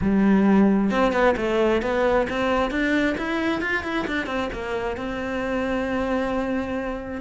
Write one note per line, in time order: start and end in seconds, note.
0.01 0.90 G3
0.90 1.12 C4
1.12 1.35 B3
1.37 1.81 A3
1.81 2.27 B3
2.29 2.70 C4
2.70 3.16 D4
3.17 3.61 E4
3.61 3.83 F4
3.83 4.06 E4
4.07 4.26 D4
4.26 4.49 C4
4.52 4.96 A#3
4.96 7.21 C4